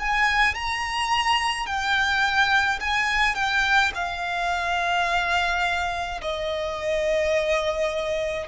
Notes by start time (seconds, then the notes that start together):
0.00 G#5
0.55 A#5
1.67 G5
2.80 G#5
3.36 G5
3.95 F5
6.22 D#5